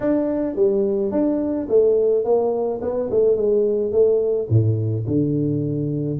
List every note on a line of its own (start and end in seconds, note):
0.00 0.55 D4
0.55 1.11 G3
1.11 1.67 D4
1.68 2.24 A3
2.24 2.80 A#3
2.81 3.09 B3
3.10 3.36 A3
3.36 3.92 G#3
3.92 4.48 A3
4.49 5.05 A2
5.07 6.19 D3